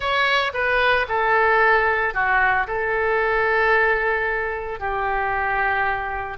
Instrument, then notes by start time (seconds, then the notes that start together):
oboe
0.00 C#5
0.53 B4
1.08 A4
2.14 F#4
2.67 A4
4.79 G4